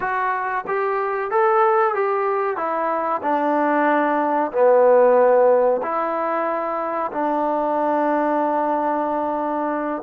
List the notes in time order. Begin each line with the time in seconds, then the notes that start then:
0.00 F#4
0.67 G4
1.30 A4
1.94 G4
2.56 E4
3.22 D4
4.52 B3
5.82 E4
7.11 D4